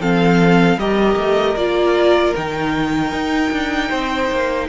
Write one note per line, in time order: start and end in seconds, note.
0.00 0.76 F3
0.00 0.78 C4
0.00 0.78 A4
0.00 0.79 F5
0.76 1.15 G3
0.76 1.57 G4
0.76 3.89 A#4
0.76 1.56 D#5
1.16 1.55 A3
1.56 2.34 A#3
1.56 2.35 F4
1.56 2.34 D5
2.35 3.12 D#3
2.35 4.68 D#4
2.35 4.68 G5
3.12 3.51 D#4
3.51 3.90 D4
3.89 4.31 C4
3.89 4.67 C5
4.31 4.68 A#3